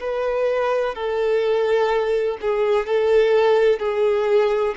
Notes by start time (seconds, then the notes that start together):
0.00 B4
0.95 A4
2.41 G#4
2.86 A4
3.79 G#4